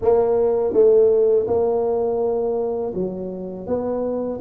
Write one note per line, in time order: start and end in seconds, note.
0.01 0.73 A#3
0.73 1.46 A3
1.47 2.93 A#3
2.94 3.66 F#3
3.66 4.39 B3